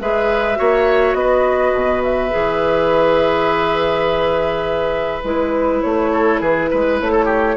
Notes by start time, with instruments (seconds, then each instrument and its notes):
0.00 bassoon G#3, clarinet G#4, oboe B4, flute E5
0.56 bassoon A#3, clarinet F#4, oboe C#5
1.14 bassoon B3, oboe B4, flute D#5
1.74 bassoon B2
2.03 flute E5
2.30 bassoon E3, clarinet G#4
5.24 bassoon G#3, clarinet E4, flute B4
5.82 bassoon A3, flute C#5
6.12 oboe A4
6.40 bassoon E3, oboe G#4, flute B4
6.70 bassoon G#3, oboe B4
7.00 bassoon A3, flute C#5
7.12 oboe A4
7.25 oboe G4